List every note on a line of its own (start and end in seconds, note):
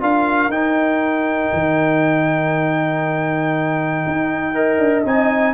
0.00 0.48 D4
0.00 0.50 F4
0.00 4.54 A#4
0.00 0.51 F5
0.48 1.49 D#4
0.48 4.54 D#4
0.48 5.05 G5
1.53 4.05 D#3
4.07 4.79 D#4
4.54 5.05 A#4
4.54 5.54 D#5
4.79 5.04 D4
5.05 5.54 C4
5.05 5.54 D#4
5.05 5.54 G#5